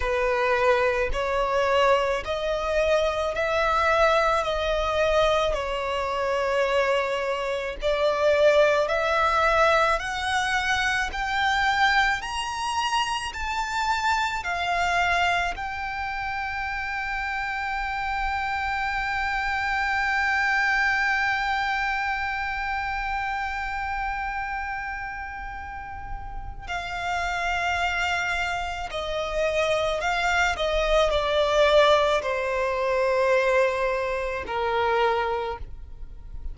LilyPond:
\new Staff \with { instrumentName = "violin" } { \time 4/4 \tempo 4 = 54 b'4 cis''4 dis''4 e''4 | dis''4 cis''2 d''4 | e''4 fis''4 g''4 ais''4 | a''4 f''4 g''2~ |
g''1~ | g''1 | f''2 dis''4 f''8 dis''8 | d''4 c''2 ais'4 | }